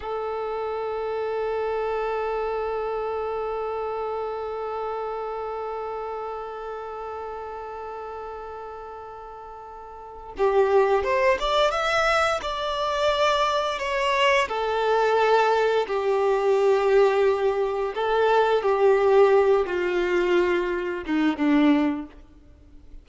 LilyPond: \new Staff \with { instrumentName = "violin" } { \time 4/4 \tempo 4 = 87 a'1~ | a'1~ | a'1~ | a'2. g'4 |
c''8 d''8 e''4 d''2 | cis''4 a'2 g'4~ | g'2 a'4 g'4~ | g'8 f'2 dis'8 d'4 | }